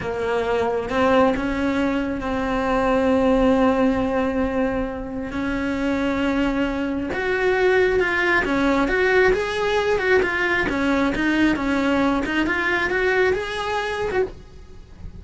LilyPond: \new Staff \with { instrumentName = "cello" } { \time 4/4 \tempo 4 = 135 ais2 c'4 cis'4~ | cis'4 c'2.~ | c'1 | cis'1 |
fis'2 f'4 cis'4 | fis'4 gis'4. fis'8 f'4 | cis'4 dis'4 cis'4. dis'8 | f'4 fis'4 gis'4.~ gis'16 fis'16 | }